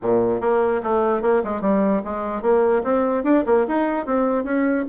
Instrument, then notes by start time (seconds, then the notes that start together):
bassoon
0.02 A#2
0.40 A#3
0.83 A3
1.22 A#3
1.44 G#3
1.61 G3
2.04 G#3
2.41 A#3
2.83 C4
3.23 D4
3.46 A#3
3.67 D#4
4.06 C4
4.44 C#4